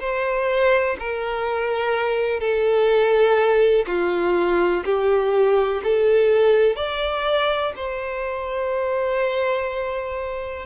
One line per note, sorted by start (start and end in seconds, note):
0.00 0.97 C5
0.99 2.40 A#4
2.40 3.85 A4
3.87 4.83 F4
4.85 5.82 G4
5.83 6.76 A4
6.76 7.72 D5
7.76 10.66 C5